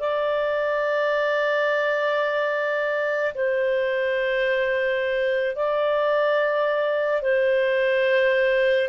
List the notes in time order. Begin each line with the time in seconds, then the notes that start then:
0.00 D5
3.35 C5
5.56 D5
7.23 C5